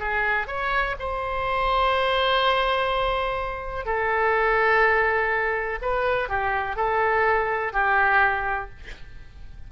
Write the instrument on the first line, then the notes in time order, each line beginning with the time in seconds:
oboe
0.00 G#4
0.48 C#5
1.00 C5
3.86 A4
5.82 B4
6.29 G4
6.76 A4
7.73 G4